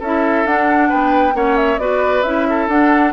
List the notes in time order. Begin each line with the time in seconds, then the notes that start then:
0.00 C#4 E4 A4 E5
0.46 D4 F#5
0.89 B3 B4 G5
1.33 A#3 C#4 C#5 F#5
1.57 E5
1.78 B3 F#4 B4 D5
2.23 C#4 E4 E5
2.50 A4
2.68 D4 F#5